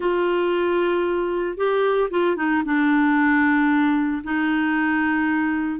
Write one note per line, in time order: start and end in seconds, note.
0.00 1.57 F4
1.57 2.09 G4
2.10 2.36 F4
2.36 2.62 D#4
2.65 4.22 D4
4.23 5.79 D#4